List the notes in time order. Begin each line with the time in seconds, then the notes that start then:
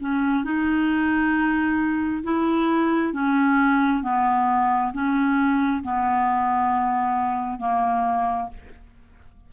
0.00 C#4
0.44 D#4
2.24 E4
3.13 C#4
4.03 B3
4.94 C#4
5.83 B3
7.60 A#3